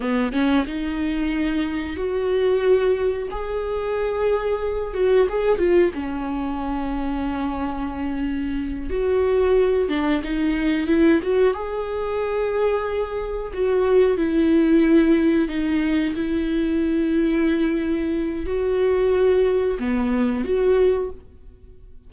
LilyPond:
\new Staff \with { instrumentName = "viola" } { \time 4/4 \tempo 4 = 91 b8 cis'8 dis'2 fis'4~ | fis'4 gis'2~ gis'8 fis'8 | gis'8 f'8 cis'2.~ | cis'4. fis'4. d'8 dis'8~ |
dis'8 e'8 fis'8 gis'2~ gis'8~ | gis'8 fis'4 e'2 dis'8~ | dis'8 e'2.~ e'8 | fis'2 b4 fis'4 | }